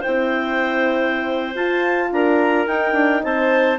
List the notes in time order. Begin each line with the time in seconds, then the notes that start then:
0.00 E4 C5 G5
0.06 C4
1.55 F4 A5
2.11 D4 A#4 A#5
2.66 D#4 G5
2.93 D4
3.23 C4 C5 A5